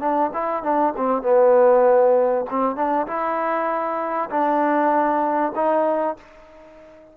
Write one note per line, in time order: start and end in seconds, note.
0.00 0.31 D4
0.33 0.63 E4
0.63 0.94 D4
0.97 1.22 C4
1.22 2.45 B3
2.50 2.76 C4
2.76 3.07 D4
3.07 4.29 E4
4.31 5.53 D4
5.56 6.17 D#4